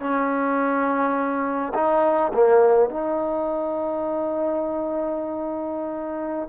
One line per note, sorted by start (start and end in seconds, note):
0.00 1.73 C#4
1.74 2.32 D#4
2.34 2.90 A#3
2.90 6.49 D#4